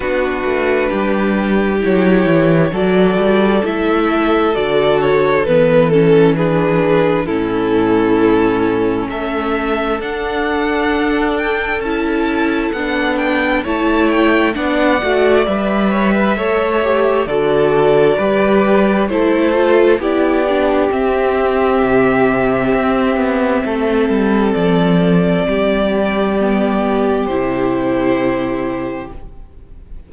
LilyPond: <<
  \new Staff \with { instrumentName = "violin" } { \time 4/4 \tempo 4 = 66 b'2 cis''4 d''4 | e''4 d''8 cis''8 b'8 a'8 b'4 | a'2 e''4 fis''4~ | fis''8 g''8 a''4 fis''8 g''8 a''8 g''8 |
fis''4 e''2 d''4~ | d''4 c''4 d''4 e''4~ | e''2. d''4~ | d''2 c''2 | }
  \new Staff \with { instrumentName = "violin" } { \time 4/4 fis'4 g'2 a'4~ | a'2. gis'4 | e'2 a'2~ | a'2. cis''4 |
d''4. cis''16 b'16 cis''4 a'4 | b'4 a'4 g'2~ | g'2 a'2 | g'1 | }
  \new Staff \with { instrumentName = "viola" } { \time 4/4 d'2 e'4 fis'4 | e'4 fis'4 b8 cis'8 d'4 | cis'2. d'4~ | d'4 e'4 d'4 e'4 |
d'8 fis'8 b'4 a'8 g'8 fis'4 | g'4 e'8 f'8 e'8 d'8 c'4~ | c'1~ | c'4 b4 e'2 | }
  \new Staff \with { instrumentName = "cello" } { \time 4/4 b8 a8 g4 fis8 e8 fis8 g8 | a4 d4 e2 | a,2 a4 d'4~ | d'4 cis'4 b4 a4 |
b8 a8 g4 a4 d4 | g4 a4 b4 c'4 | c4 c'8 b8 a8 g8 f4 | g2 c2 | }
>>